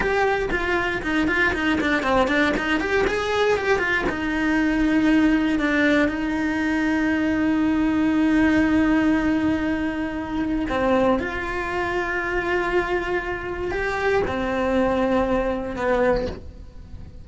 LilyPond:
\new Staff \with { instrumentName = "cello" } { \time 4/4 \tempo 4 = 118 g'4 f'4 dis'8 f'8 dis'8 d'8 | c'8 d'8 dis'8 g'8 gis'4 g'8 f'8 | dis'2. d'4 | dis'1~ |
dis'1~ | dis'4 c'4 f'2~ | f'2. g'4 | c'2. b4 | }